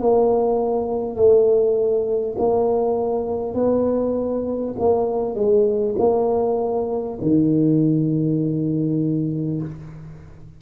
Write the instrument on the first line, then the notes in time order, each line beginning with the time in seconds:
tuba
0.00 A#3
1.16 A3
2.38 A#3
3.54 B3
4.78 A#3
5.35 G#3
5.98 A#3
7.21 D#3